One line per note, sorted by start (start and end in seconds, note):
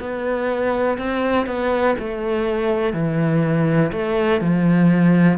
0.00 0.98 B3
0.98 1.46 C4
1.46 1.95 B3
1.99 2.93 A3
2.93 3.92 E3
3.92 4.41 A3
4.41 5.38 F3